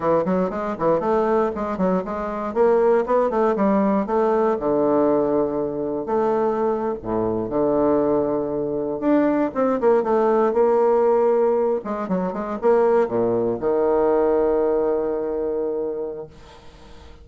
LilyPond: \new Staff \with { instrumentName = "bassoon" } { \time 4/4 \tempo 4 = 118 e8 fis8 gis8 e8 a4 gis8 fis8 | gis4 ais4 b8 a8 g4 | a4 d2. | a4.~ a16 a,4 d4~ d16~ |
d4.~ d16 d'4 c'8 ais8 a16~ | a8. ais2~ ais8 gis8 fis16~ | fis16 gis8 ais4 ais,4 dis4~ dis16~ | dis1 | }